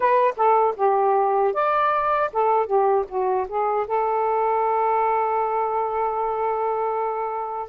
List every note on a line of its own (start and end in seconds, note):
0.00 0.34 B4
0.36 0.75 A4
0.76 1.53 G4
1.53 2.30 D5
2.32 2.66 A4
2.66 3.05 G4
3.08 3.47 F#4
3.48 3.87 G#4
3.87 7.69 A4